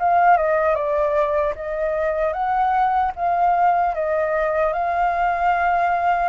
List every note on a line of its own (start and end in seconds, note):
0.00 0.37 F5
0.37 0.75 D#5
0.75 1.54 D5
1.56 2.33 D#5
2.33 3.12 F#5
3.16 3.95 F5
3.95 4.74 D#5
4.74 6.30 F5